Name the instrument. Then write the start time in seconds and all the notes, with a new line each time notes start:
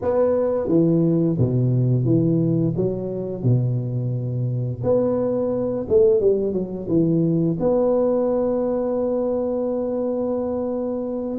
tuba
0.01 B3
0.68 E3
1.38 B2
2.05 E3
2.76 F#3
3.43 B2
4.83 B3
5.88 A3
6.20 G3
6.52 F#3
6.88 E3
7.59 B3